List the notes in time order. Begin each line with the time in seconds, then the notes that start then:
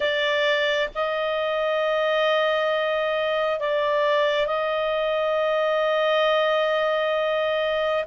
0.00 D5
0.94 D#5
3.59 D5
4.46 D#5